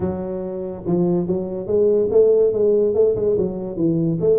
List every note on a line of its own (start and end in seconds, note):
0.00 0.84 F#3
0.85 1.27 F3
1.27 1.66 F#3
1.66 2.08 G#3
2.11 2.53 A3
2.53 2.94 G#3
2.94 3.15 A3
3.15 3.36 G#3
3.37 3.76 F#3
3.76 4.18 E3
4.20 4.39 A3